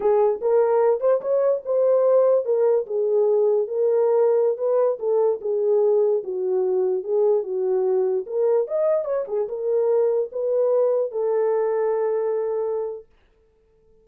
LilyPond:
\new Staff \with { instrumentName = "horn" } { \time 4/4 \tempo 4 = 147 gis'4 ais'4. c''8 cis''4 | c''2 ais'4 gis'4~ | gis'4 ais'2~ ais'16 b'8.~ | b'16 a'4 gis'2 fis'8.~ |
fis'4~ fis'16 gis'4 fis'4.~ fis'16~ | fis'16 ais'4 dis''4 cis''8 gis'8 ais'8.~ | ais'4~ ais'16 b'2 a'8.~ | a'1 | }